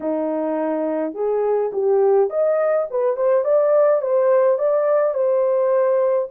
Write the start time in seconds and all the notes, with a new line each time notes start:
0.00 D#4
1.14 G#4
1.72 G4
2.30 D#5
2.90 B4
3.16 C5
3.44 D5
4.01 C5
4.58 D5
5.14 C5